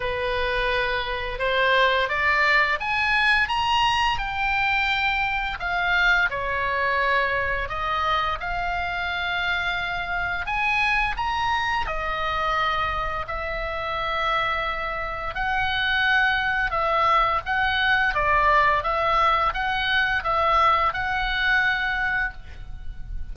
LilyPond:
\new Staff \with { instrumentName = "oboe" } { \time 4/4 \tempo 4 = 86 b'2 c''4 d''4 | gis''4 ais''4 g''2 | f''4 cis''2 dis''4 | f''2. gis''4 |
ais''4 dis''2 e''4~ | e''2 fis''2 | e''4 fis''4 d''4 e''4 | fis''4 e''4 fis''2 | }